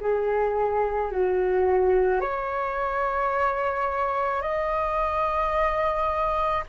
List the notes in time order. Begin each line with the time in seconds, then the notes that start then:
0.00 G#4
1.11 F#4
2.21 C#5
4.41 D#5